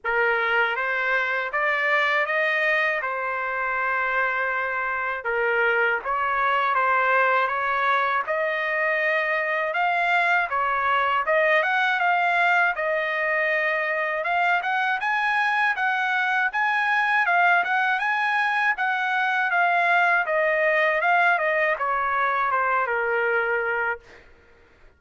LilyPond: \new Staff \with { instrumentName = "trumpet" } { \time 4/4 \tempo 4 = 80 ais'4 c''4 d''4 dis''4 | c''2. ais'4 | cis''4 c''4 cis''4 dis''4~ | dis''4 f''4 cis''4 dis''8 fis''8 |
f''4 dis''2 f''8 fis''8 | gis''4 fis''4 gis''4 f''8 fis''8 | gis''4 fis''4 f''4 dis''4 | f''8 dis''8 cis''4 c''8 ais'4. | }